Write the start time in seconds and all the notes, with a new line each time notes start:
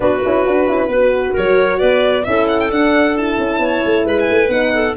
0.00 B3 D4 F#4 B4
0.25 C#4 E4
0.46 D4 F#4
0.67 C#4 E4
0.87 B3 F#4 B4
1.33 F#3 A#4 C#5
1.78 B3 B4 D5
2.24 C#4 E4 A4 E5
2.48 F#5
2.59 G5
2.70 D4 F#5
3.17 E4 A5
3.38 C#4
3.59 B3 C#5
3.85 A3
4.05 G#3 B4 B5
4.19 G#5
4.29 A3
4.48 B3 D#4 F#5
4.74 A4